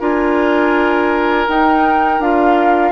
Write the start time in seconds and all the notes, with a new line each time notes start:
0.00 D4 F4 A#4 G#5
1.48 D#4 G5
2.19 D4 F4 F5